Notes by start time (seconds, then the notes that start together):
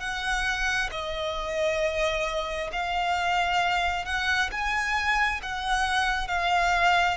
0.00 F#5
0.92 D#5
2.73 F5
4.05 F#5
4.51 G#5
5.43 F#5
6.28 F5